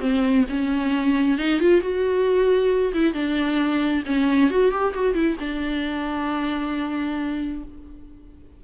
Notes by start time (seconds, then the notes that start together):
0.00 C4
0.49 C#4
1.38 D#4
1.60 F4
1.81 F#4
2.93 E4
3.13 D4
4.05 C#4
4.50 F#4
4.71 G4
4.94 F#4
5.14 E4
5.39 D4